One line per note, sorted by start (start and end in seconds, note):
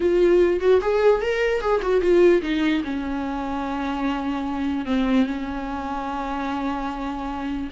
0.00 0.60 F4
0.60 0.80 F#4
0.81 1.21 G#4
1.21 1.60 A#4
1.60 1.81 G#4
1.81 2.01 F#4
2.01 2.41 F4
2.42 2.82 D#4
2.84 4.85 C#4
4.85 5.26 C4
5.26 7.69 C#4